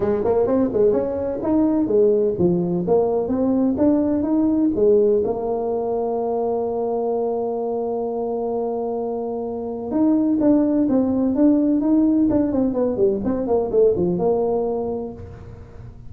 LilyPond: \new Staff \with { instrumentName = "tuba" } { \time 4/4 \tempo 4 = 127 gis8 ais8 c'8 gis8 cis'4 dis'4 | gis4 f4 ais4 c'4 | d'4 dis'4 gis4 ais4~ | ais1~ |
ais1~ | ais4 dis'4 d'4 c'4 | d'4 dis'4 d'8 c'8 b8 g8 | c'8 ais8 a8 f8 ais2 | }